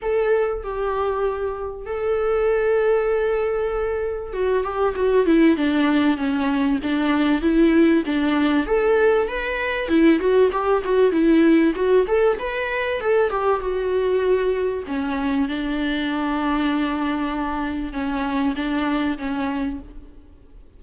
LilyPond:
\new Staff \with { instrumentName = "viola" } { \time 4/4 \tempo 4 = 97 a'4 g'2 a'4~ | a'2. fis'8 g'8 | fis'8 e'8 d'4 cis'4 d'4 | e'4 d'4 a'4 b'4 |
e'8 fis'8 g'8 fis'8 e'4 fis'8 a'8 | b'4 a'8 g'8 fis'2 | cis'4 d'2.~ | d'4 cis'4 d'4 cis'4 | }